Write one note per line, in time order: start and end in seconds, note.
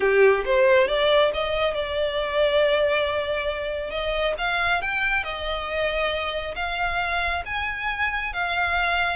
0.00 0.43 G4
0.45 0.87 C5
0.87 1.31 D5
1.33 1.74 D#5
1.74 3.90 D5
3.90 4.34 D#5
4.38 4.81 F5
4.81 5.23 G5
5.23 6.55 D#5
6.55 7.43 F5
7.45 8.33 G#5
8.33 9.16 F5